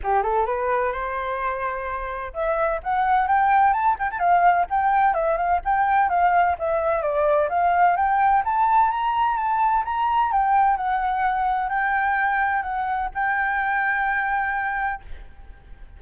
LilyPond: \new Staff \with { instrumentName = "flute" } { \time 4/4 \tempo 4 = 128 g'8 a'8 b'4 c''2~ | c''4 e''4 fis''4 g''4 | a''8 g''16 a''16 f''4 g''4 e''8 f''8 | g''4 f''4 e''4 d''4 |
f''4 g''4 a''4 ais''4 | a''4 ais''4 g''4 fis''4~ | fis''4 g''2 fis''4 | g''1 | }